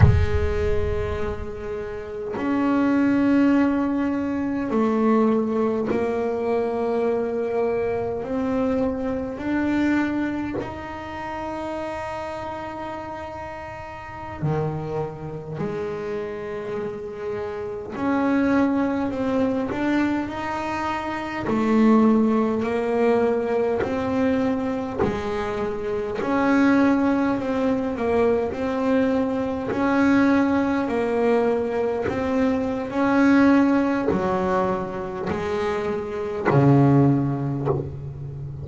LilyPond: \new Staff \with { instrumentName = "double bass" } { \time 4/4 \tempo 4 = 51 gis2 cis'2 | a4 ais2 c'4 | d'4 dis'2.~ | dis'16 dis4 gis2 cis'8.~ |
cis'16 c'8 d'8 dis'4 a4 ais8.~ | ais16 c'4 gis4 cis'4 c'8 ais16~ | ais16 c'4 cis'4 ais4 c'8. | cis'4 fis4 gis4 cis4 | }